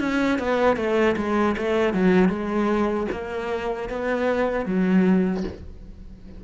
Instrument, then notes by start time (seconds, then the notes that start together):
cello
0.00 C#4
0.39 B3
0.77 A3
1.17 G#3
1.58 A3
1.94 F#3
2.29 G#3
3.12 A#3
3.90 B3
4.66 F#3